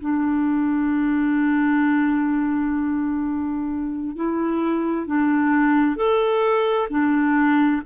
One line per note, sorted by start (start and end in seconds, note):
0.00 4.15 D4
4.15 5.06 E4
5.06 5.96 D4
5.96 6.88 A4
6.89 7.82 D4